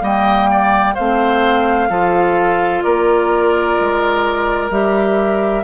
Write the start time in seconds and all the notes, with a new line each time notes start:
0.00 G3 A#3 D#5 G5
0.51 D5
0.95 A3 C4 C5 F5
1.89 F3 F4 A4
2.83 A#3 A#4 D5
3.80 G#3
4.71 G3 G4 E5